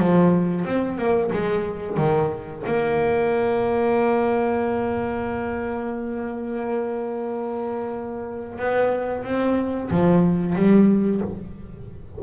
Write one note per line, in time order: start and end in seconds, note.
0.00 0.66 F3
0.66 0.98 C4
0.98 1.31 A#3
1.33 1.98 G#3
1.98 2.63 D#3
2.67 8.59 A#3
8.59 9.24 B3
9.24 9.90 C4
9.91 10.56 F3
10.56 11.22 G3